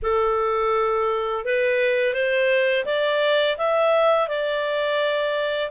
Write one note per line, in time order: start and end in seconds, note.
0.02 1.44 A4
1.44 2.13 B4
2.13 2.84 C5
2.85 3.56 D5
3.57 4.28 E5
4.28 5.70 D5